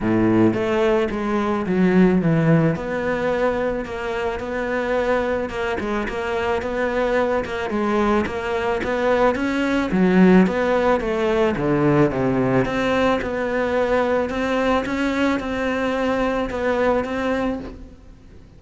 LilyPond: \new Staff \with { instrumentName = "cello" } { \time 4/4 \tempo 4 = 109 a,4 a4 gis4 fis4 | e4 b2 ais4 | b2 ais8 gis8 ais4 | b4. ais8 gis4 ais4 |
b4 cis'4 fis4 b4 | a4 d4 c4 c'4 | b2 c'4 cis'4 | c'2 b4 c'4 | }